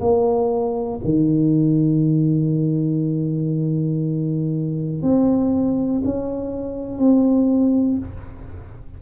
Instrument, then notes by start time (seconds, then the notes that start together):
tuba
0.00 A#3
1.04 D#3
5.02 C4
6.05 C#4
6.98 C4